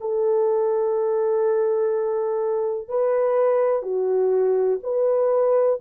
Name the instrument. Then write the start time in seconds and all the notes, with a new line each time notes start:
horn
0.00 A4
2.88 B4
3.82 F#4
4.83 B4